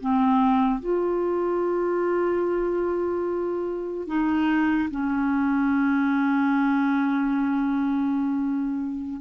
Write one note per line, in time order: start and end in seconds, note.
0.00 0.80 C4
0.80 4.07 F4
4.07 4.89 D#4
4.91 9.21 C#4